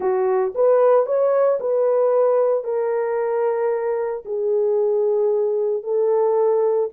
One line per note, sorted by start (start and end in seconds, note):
0.00 0.53 F#4
0.54 1.05 B4
1.05 1.59 C#5
1.60 2.64 B4
2.64 4.23 A#4
4.25 5.83 G#4
5.83 6.89 A4